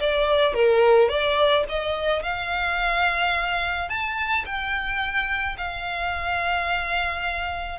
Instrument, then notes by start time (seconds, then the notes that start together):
violin
0.00 D5
0.54 A#4
1.09 D5
1.69 D#5
2.23 F5
3.89 A5
4.45 G5
5.58 F5